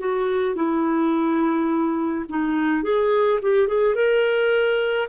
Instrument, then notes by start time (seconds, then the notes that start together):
clarinet
0.00 F#4
0.56 E4
2.30 D#4
2.84 G#4
3.42 G4
3.68 G#4
3.96 A#4